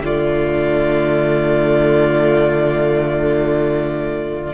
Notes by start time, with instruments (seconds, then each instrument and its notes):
0.00 cello D3, viola A3, violin F4 D5